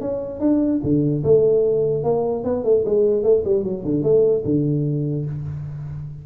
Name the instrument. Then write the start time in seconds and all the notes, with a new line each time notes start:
tuba
0.00 C#4
0.40 D4
0.83 D3
1.23 A3
2.03 A#3
2.44 B3
2.64 A3
2.85 G#3
3.23 A3
3.44 G3
3.63 F#3
3.84 D3
4.02 A3
4.45 D3